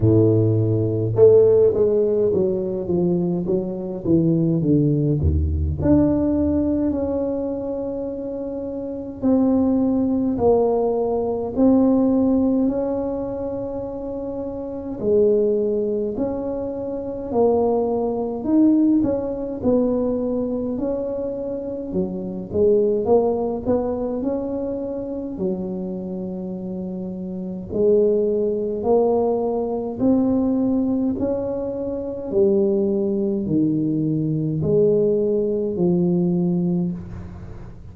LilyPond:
\new Staff \with { instrumentName = "tuba" } { \time 4/4 \tempo 4 = 52 a,4 a8 gis8 fis8 f8 fis8 e8 | d8 dis,8 d'4 cis'2 | c'4 ais4 c'4 cis'4~ | cis'4 gis4 cis'4 ais4 |
dis'8 cis'8 b4 cis'4 fis8 gis8 | ais8 b8 cis'4 fis2 | gis4 ais4 c'4 cis'4 | g4 dis4 gis4 f4 | }